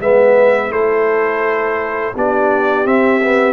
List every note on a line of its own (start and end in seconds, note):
0.00 0.69 G#3
0.00 0.70 B3
0.00 0.72 B4
0.00 0.72 E5
0.69 2.12 A3
0.69 2.13 E4
0.69 2.15 A4
0.69 2.15 C5
2.15 2.85 B3
2.15 2.85 D4
2.15 3.53 G4
2.15 2.86 D5
2.85 3.21 C4
2.85 3.53 C4
2.85 3.53 E5
3.22 3.53 B3